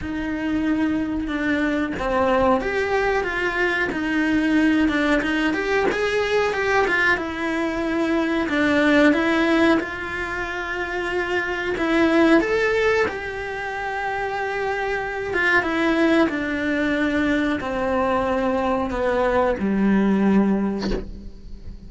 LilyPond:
\new Staff \with { instrumentName = "cello" } { \time 4/4 \tempo 4 = 92 dis'2 d'4 c'4 | g'4 f'4 dis'4. d'8 | dis'8 g'8 gis'4 g'8 f'8 e'4~ | e'4 d'4 e'4 f'4~ |
f'2 e'4 a'4 | g'2.~ g'8 f'8 | e'4 d'2 c'4~ | c'4 b4 g2 | }